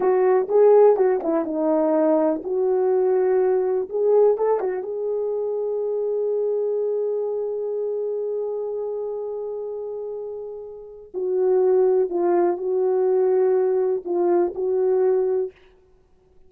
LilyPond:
\new Staff \with { instrumentName = "horn" } { \time 4/4 \tempo 4 = 124 fis'4 gis'4 fis'8 e'8 dis'4~ | dis'4 fis'2. | gis'4 a'8 fis'8 gis'2~ | gis'1~ |
gis'1~ | gis'2. fis'4~ | fis'4 f'4 fis'2~ | fis'4 f'4 fis'2 | }